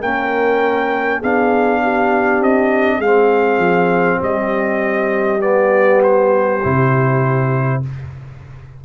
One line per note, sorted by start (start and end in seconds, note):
0.00 1.22 A#3
0.00 1.23 C#4
0.00 1.19 A#4
0.00 1.22 G5
1.19 2.41 B3
1.19 3.03 D4
1.19 1.79 G#4
1.19 2.43 F5
1.83 2.98 G4
2.41 2.99 C4
2.41 3.01 D#5
2.98 3.58 G#3
2.98 5.40 C4
2.98 4.18 G#4
2.98 4.21 F5
3.58 4.18 F3
4.21 6.63 G3
4.21 7.81 G4
4.21 5.42 D#5
5.40 6.60 B3
5.40 6.02 D5
6.04 7.83 C5
6.63 7.85 C3
6.63 7.83 E4